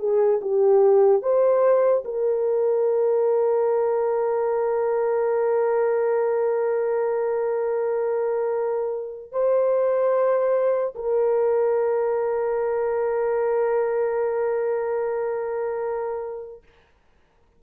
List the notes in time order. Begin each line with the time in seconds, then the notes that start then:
0.00 G#4
0.42 G4
1.23 C5
2.05 A#4
9.32 C5
10.96 A#4